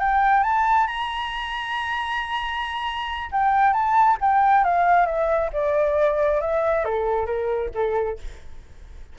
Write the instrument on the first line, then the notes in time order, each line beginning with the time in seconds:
flute
0.00 G5
0.44 A5
0.88 A#5
3.32 G5
3.73 A5
4.21 G5
4.64 F5
5.06 E5
5.53 D5
6.41 E5
6.85 A4
7.26 A#4
7.75 A4